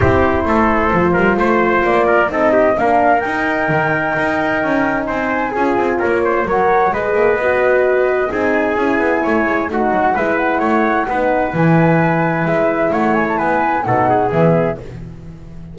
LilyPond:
<<
  \new Staff \with { instrumentName = "flute" } { \time 4/4 \tempo 4 = 130 c''1 | d''4 dis''4 f''4 g''4~ | g''2. gis''4~ | gis''4 cis''4 fis''4 dis''4~ |
dis''2 gis''2~ | gis''4 fis''4 e''8 fis''4.~ | fis''4 gis''2 e''4 | fis''8 gis''16 a''16 gis''4 fis''4 e''4 | }
  \new Staff \with { instrumentName = "trumpet" } { \time 4/4 g'4 a'4. ais'8 c''4~ | c''8 ais'8 a'8 g'8 ais'2~ | ais'2. c''4 | gis'4 ais'8 c''8 cis''4 b'4~ |
b'2 gis'2 | cis''4 fis'4 b'4 cis''4 | b'1 | cis''4 b'4 a'8 gis'4. | }
  \new Staff \with { instrumentName = "horn" } { \time 4/4 e'2 f'2~ | f'4 dis'4 d'4 dis'4~ | dis'1 | f'2 ais'4 gis'4 |
fis'2 dis'4 e'4~ | e'4 dis'4 e'2 | dis'4 e'2.~ | e'2 dis'4 b4 | }
  \new Staff \with { instrumentName = "double bass" } { \time 4/4 c'4 a4 f8 g8 a4 | ais4 c'4 ais4 dis'4 | dis4 dis'4 cis'4 c'4 | cis'8 c'8 ais4 fis4 gis8 ais8 |
b2 c'4 cis'8 b8 | a8 gis8 a8 fis8 gis4 a4 | b4 e2 gis4 | a4 b4 b,4 e4 | }
>>